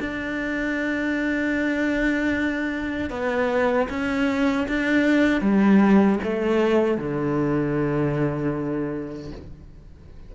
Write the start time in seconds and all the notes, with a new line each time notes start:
0.00 D4
3.10 B3
3.90 C#4
4.68 D4
5.41 G3
6.23 A3
6.98 D3